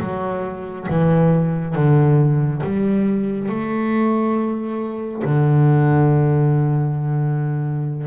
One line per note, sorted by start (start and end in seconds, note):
0.00 0.87 F#3
0.89 1.75 E3
1.75 2.62 D3
2.64 3.49 G3
3.49 5.23 A3
5.24 8.07 D3